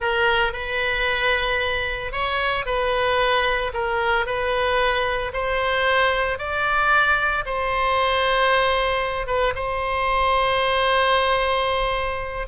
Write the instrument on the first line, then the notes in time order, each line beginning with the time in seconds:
oboe
0.00 A#4
0.53 B4
2.12 C#5
2.65 B4
3.73 A#4
4.26 B4
5.33 C5
6.38 D5
7.45 C5
9.27 B4
9.55 C5